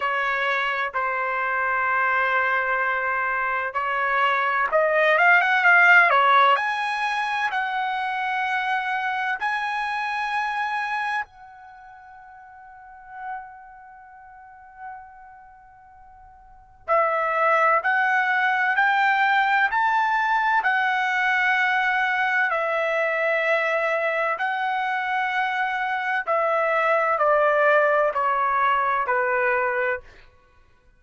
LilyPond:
\new Staff \with { instrumentName = "trumpet" } { \time 4/4 \tempo 4 = 64 cis''4 c''2. | cis''4 dis''8 f''16 fis''16 f''8 cis''8 gis''4 | fis''2 gis''2 | fis''1~ |
fis''2 e''4 fis''4 | g''4 a''4 fis''2 | e''2 fis''2 | e''4 d''4 cis''4 b'4 | }